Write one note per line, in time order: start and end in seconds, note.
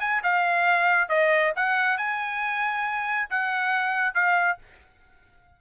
0.00 0.22 G#5
0.23 1.09 F5
1.09 1.53 D#5
1.56 1.98 F#5
1.98 3.29 G#5
3.30 4.14 F#5
4.14 4.58 F5